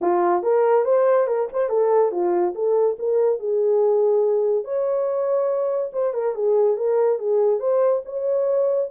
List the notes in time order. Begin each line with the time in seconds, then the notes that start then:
0.01 F4
0.42 A#4
0.85 C5
1.27 A#4
1.52 C5
1.69 A4
2.11 F4
2.54 A4
2.98 A#4
3.39 G#4
4.64 C#5
5.93 C5
6.13 A#4
6.35 G#4
6.77 A#4
7.19 G#4
7.59 C5
8.05 C#5